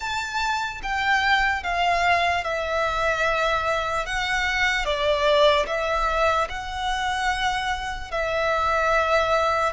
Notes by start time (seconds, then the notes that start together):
0.00 A5
0.82 G5
1.63 F5
2.43 E5
4.05 F#5
4.85 D5
5.66 E5
6.49 F#5
8.11 E5